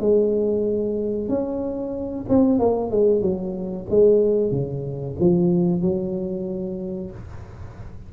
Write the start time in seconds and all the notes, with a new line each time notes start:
0.00 G#3
1.28 C#4
2.29 C4
2.59 A#3
2.91 G#3
3.22 F#3
3.90 G#3
4.51 C#3
5.20 F3
5.82 F#3